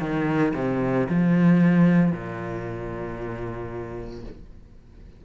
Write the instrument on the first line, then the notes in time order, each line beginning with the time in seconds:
cello
0.00 D#3
0.55 C3
1.10 F3
2.12 A#2